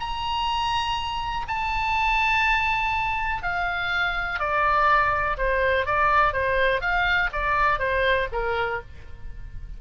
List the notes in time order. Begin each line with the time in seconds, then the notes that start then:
0.00 A#5
1.48 A5
3.43 F5
4.40 D5
5.37 C5
5.86 D5
6.33 C5
6.81 F5
7.33 D5
7.79 C5
8.32 A#4